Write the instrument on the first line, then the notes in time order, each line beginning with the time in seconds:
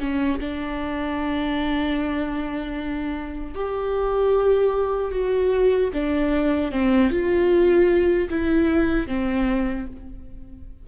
viola
0.00 C#4
0.40 D4
3.55 G4
5.12 F#4
5.94 D4
6.72 C4
7.11 F4
8.30 E4
9.08 C4